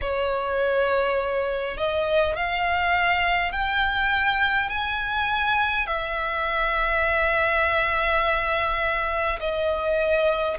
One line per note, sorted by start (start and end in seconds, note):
0.01 1.77 C#5
1.77 2.36 D#5
2.36 3.52 F5
3.52 4.69 G5
4.69 5.86 G#5
5.86 9.39 E5
9.40 10.57 D#5